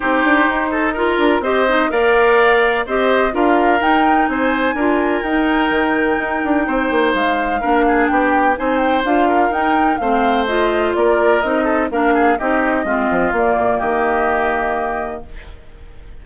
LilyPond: <<
  \new Staff \with { instrumentName = "flute" } { \time 4/4 \tempo 4 = 126 c''2 ais'4 dis''4 | f''2 dis''4 f''4 | g''4 gis''2 g''4~ | g''2. f''4~ |
f''4 g''4 gis''8 g''8 f''4 | g''4 f''4 dis''4 d''4 | dis''4 f''4 dis''2 | d''4 dis''2. | }
  \new Staff \with { instrumentName = "oboe" } { \time 4/4 g'4. a'8 ais'4 c''4 | d''2 c''4 ais'4~ | ais'4 c''4 ais'2~ | ais'2 c''2 |
ais'8 gis'8 g'4 c''4. ais'8~ | ais'4 c''2 ais'4~ | ais'8 a'8 ais'8 gis'8 g'4 f'4~ | f'4 g'2. | }
  \new Staff \with { instrumentName = "clarinet" } { \time 4/4 dis'2 f'4 g'8 dis'8 | ais'2 g'4 f'4 | dis'2 f'4 dis'4~ | dis'1 |
d'2 dis'4 f'4 | dis'4 c'4 f'2 | dis'4 d'4 dis'4 c'4 | ais1 | }
  \new Staff \with { instrumentName = "bassoon" } { \time 4/4 c'8 d'8 dis'4. d'8 c'4 | ais2 c'4 d'4 | dis'4 c'4 d'4 dis'4 | dis4 dis'8 d'8 c'8 ais8 gis4 |
ais4 b4 c'4 d'4 | dis'4 a2 ais4 | c'4 ais4 c'4 gis8 f8 | ais8 ais,8 dis2. | }
>>